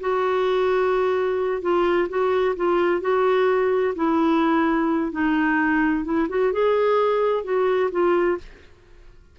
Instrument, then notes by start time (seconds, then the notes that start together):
clarinet
0.00 F#4
1.62 F4
2.09 F#4
2.56 F4
3.01 F#4
3.95 E4
5.11 D#4
6.04 E4
6.29 F#4
6.53 G#4
7.44 F#4
7.91 F4